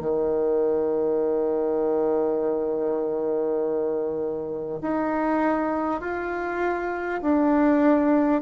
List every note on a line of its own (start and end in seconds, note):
0.00 4.80 D#3
4.82 6.01 D#4
6.01 7.21 F4
7.22 8.42 D4